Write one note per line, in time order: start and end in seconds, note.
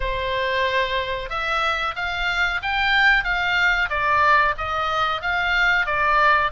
0.00 1.29 C5
1.29 1.94 E5
1.95 2.61 F5
2.62 3.24 G5
3.24 3.89 F5
3.89 4.54 D5
4.57 5.21 D#5
5.21 5.85 F5
5.85 6.51 D5